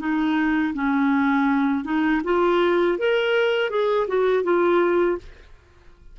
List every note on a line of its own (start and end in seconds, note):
0.00 0.74 D#4
0.74 1.85 C#4
1.85 2.22 D#4
2.25 2.99 F4
2.99 3.70 A#4
3.70 4.07 G#4
4.08 4.44 F#4
4.44 5.18 F4